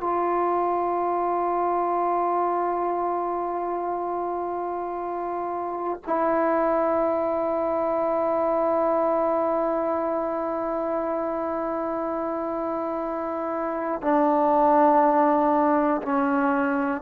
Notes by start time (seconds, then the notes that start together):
0.00 F4
6.06 E4
14.02 D4
16.02 C#4